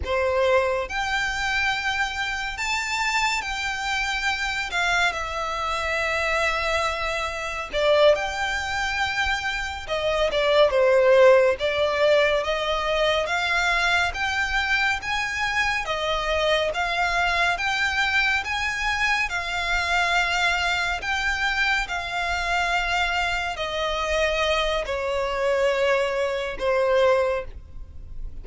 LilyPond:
\new Staff \with { instrumentName = "violin" } { \time 4/4 \tempo 4 = 70 c''4 g''2 a''4 | g''4. f''8 e''2~ | e''4 d''8 g''2 dis''8 | d''8 c''4 d''4 dis''4 f''8~ |
f''8 g''4 gis''4 dis''4 f''8~ | f''8 g''4 gis''4 f''4.~ | f''8 g''4 f''2 dis''8~ | dis''4 cis''2 c''4 | }